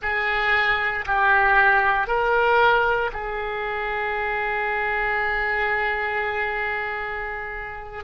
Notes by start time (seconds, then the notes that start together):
0.01 G#4
1.06 G4
2.07 A#4
3.13 G#4